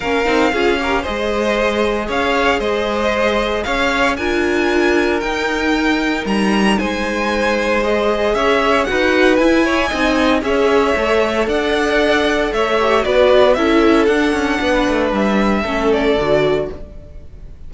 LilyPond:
<<
  \new Staff \with { instrumentName = "violin" } { \time 4/4 \tempo 4 = 115 f''2 dis''2 | f''4 dis''2 f''4 | gis''2 g''2 | ais''4 gis''2 dis''4 |
e''4 fis''4 gis''2 | e''2 fis''2 | e''4 d''4 e''4 fis''4~ | fis''4 e''4. d''4. | }
  \new Staff \with { instrumentName = "violin" } { \time 4/4 ais'4 gis'8 ais'8 c''2 | cis''4 c''2 cis''4 | ais'1~ | ais'4 c''2. |
cis''4 b'4. cis''8 dis''4 | cis''2 d''2 | cis''4 b'4 a'2 | b'2 a'2 | }
  \new Staff \with { instrumentName = "viola" } { \time 4/4 cis'8 dis'8 f'8 g'8 gis'2~ | gis'1 | f'2 dis'2~ | dis'2. gis'4~ |
gis'4 fis'4 e'4 dis'4 | gis'4 a'2.~ | a'8 g'8 fis'4 e'4 d'4~ | d'2 cis'4 fis'4 | }
  \new Staff \with { instrumentName = "cello" } { \time 4/4 ais8 c'8 cis'4 gis2 | cis'4 gis2 cis'4 | d'2 dis'2 | g4 gis2. |
cis'4 dis'4 e'4 c'4 | cis'4 a4 d'2 | a4 b4 cis'4 d'8 cis'8 | b8 a8 g4 a4 d4 | }
>>